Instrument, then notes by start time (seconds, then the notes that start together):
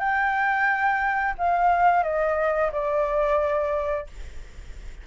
flute
0.00 G5
1.38 F5
2.04 D#5
2.72 D5